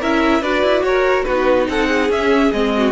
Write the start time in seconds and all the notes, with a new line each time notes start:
0.00 C#4 E4 A#4 E5
0.41 D4 F#4 B4 D5
0.63 E4
0.82 F#4 A#4 C#5
1.23 B3 F#4 B4
1.30 D#4
1.68 C4 A4 F#5
1.88 G#4
2.09 C#4 E5
2.52 G#3 C4 D#5
2.77 F#4